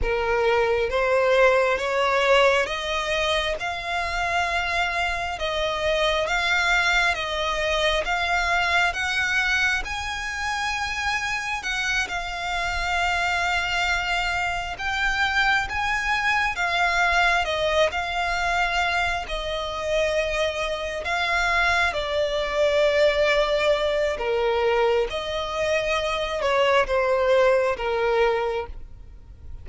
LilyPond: \new Staff \with { instrumentName = "violin" } { \time 4/4 \tempo 4 = 67 ais'4 c''4 cis''4 dis''4 | f''2 dis''4 f''4 | dis''4 f''4 fis''4 gis''4~ | gis''4 fis''8 f''2~ f''8~ |
f''8 g''4 gis''4 f''4 dis''8 | f''4. dis''2 f''8~ | f''8 d''2~ d''8 ais'4 | dis''4. cis''8 c''4 ais'4 | }